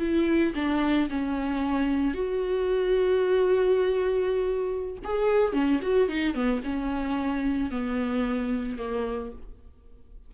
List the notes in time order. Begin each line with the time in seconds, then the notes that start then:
0.00 E4
0.55 D4
1.10 C#4
2.15 F#4
5.05 G#4
5.53 C#4
5.83 F#4
6.09 D#4
6.35 B3
6.64 C#4
7.71 B3
8.79 A#3